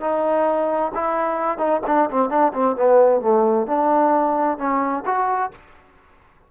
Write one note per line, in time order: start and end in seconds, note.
0.00 0.92 D#4
0.94 1.58 E4
1.58 1.80 D#4
1.86 2.09 D4
2.10 2.29 C4
2.29 2.52 D4
2.53 2.75 C4
2.75 3.21 B3
3.21 3.66 A3
3.66 4.58 D4
4.58 5.03 C#4
5.05 5.51 F#4